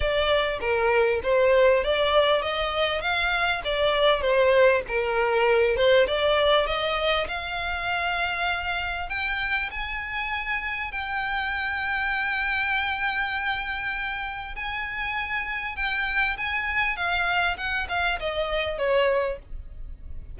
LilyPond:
\new Staff \with { instrumentName = "violin" } { \time 4/4 \tempo 4 = 99 d''4 ais'4 c''4 d''4 | dis''4 f''4 d''4 c''4 | ais'4. c''8 d''4 dis''4 | f''2. g''4 |
gis''2 g''2~ | g''1 | gis''2 g''4 gis''4 | f''4 fis''8 f''8 dis''4 cis''4 | }